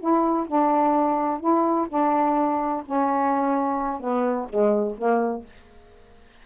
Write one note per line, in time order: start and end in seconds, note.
0.00 0.47 E4
0.48 1.40 D4
1.40 1.88 E4
1.89 2.84 D4
2.86 4.01 C#4
4.01 4.48 B3
4.50 4.97 G#3
4.98 5.45 A#3